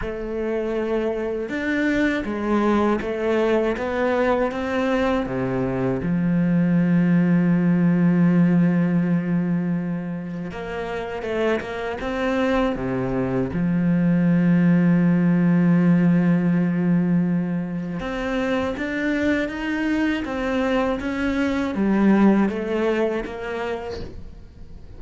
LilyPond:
\new Staff \with { instrumentName = "cello" } { \time 4/4 \tempo 4 = 80 a2 d'4 gis4 | a4 b4 c'4 c4 | f1~ | f2 ais4 a8 ais8 |
c'4 c4 f2~ | f1 | c'4 d'4 dis'4 c'4 | cis'4 g4 a4 ais4 | }